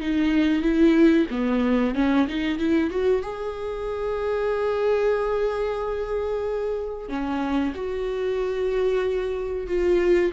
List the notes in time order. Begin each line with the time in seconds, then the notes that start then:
0.00 D#4
0.62 E4
1.30 B3
1.95 C#4
2.27 D#4
2.58 E4
2.90 F#4
3.22 G#4
7.09 C#4
7.74 F#4
9.67 F4